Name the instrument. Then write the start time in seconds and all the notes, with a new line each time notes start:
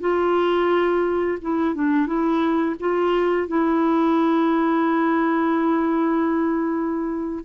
clarinet
0.00 F4
1.41 E4
1.74 D4
2.06 E4
2.79 F4
3.47 E4